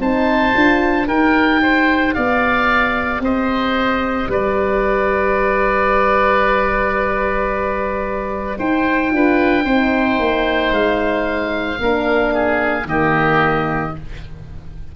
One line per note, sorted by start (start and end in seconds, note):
0.00 0.54 C4
0.00 0.54 D#4
0.00 1.08 C5
0.00 1.08 A5
0.54 1.08 D4
0.54 1.06 F4
1.06 2.15 D#4
1.06 9.10 G4
1.06 1.61 A#4
1.06 2.14 G5
1.63 2.15 C5
2.14 3.20 B3
2.14 3.23 D5
2.14 3.21 F5
3.20 4.27 C4
3.20 4.30 C5
3.20 4.32 D#5
4.29 8.57 G3
4.29 8.58 B4
4.29 8.59 D5
8.59 9.12 D#4
8.59 9.12 C5
8.59 10.74 G5
9.11 9.65 D4
9.11 9.64 F4
9.11 9.65 B4
9.65 10.19 C4
9.65 11.80 D#4
9.65 11.79 C5
10.20 10.71 A#3
10.71 11.79 G#3
10.71 12.88 F5
11.80 12.85 A#3
11.80 12.85 D4
11.80 12.34 A#4
12.34 12.88 G#4
12.85 13.93 D#3
12.85 13.92 A#3
12.85 13.96 G4
12.85 13.96 D#5